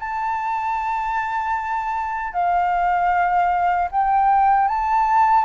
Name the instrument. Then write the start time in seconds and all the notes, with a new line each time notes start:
flute
0.00 A5
2.33 F5
3.91 G5
4.69 A5